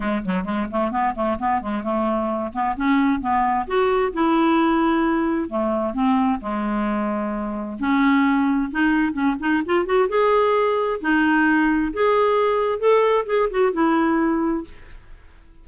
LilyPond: \new Staff \with { instrumentName = "clarinet" } { \time 4/4 \tempo 4 = 131 gis8 fis8 gis8 a8 b8 a8 b8 gis8 | a4. b8 cis'4 b4 | fis'4 e'2. | a4 c'4 gis2~ |
gis4 cis'2 dis'4 | cis'8 dis'8 f'8 fis'8 gis'2 | dis'2 gis'2 | a'4 gis'8 fis'8 e'2 | }